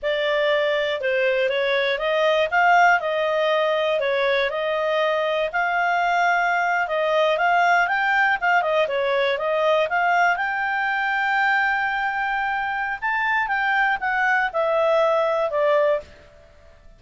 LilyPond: \new Staff \with { instrumentName = "clarinet" } { \time 4/4 \tempo 4 = 120 d''2 c''4 cis''4 | dis''4 f''4 dis''2 | cis''4 dis''2 f''4~ | f''4.~ f''16 dis''4 f''4 g''16~ |
g''8. f''8 dis''8 cis''4 dis''4 f''16~ | f''8. g''2.~ g''16~ | g''2 a''4 g''4 | fis''4 e''2 d''4 | }